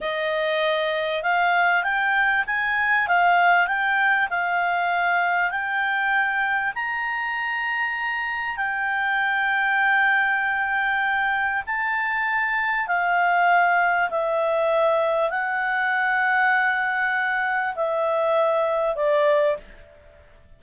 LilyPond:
\new Staff \with { instrumentName = "clarinet" } { \time 4/4 \tempo 4 = 98 dis''2 f''4 g''4 | gis''4 f''4 g''4 f''4~ | f''4 g''2 ais''4~ | ais''2 g''2~ |
g''2. a''4~ | a''4 f''2 e''4~ | e''4 fis''2.~ | fis''4 e''2 d''4 | }